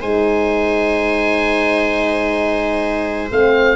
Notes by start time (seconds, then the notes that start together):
0.00 G#3 D#4 C5 G#5
3.31 A3 C4 F5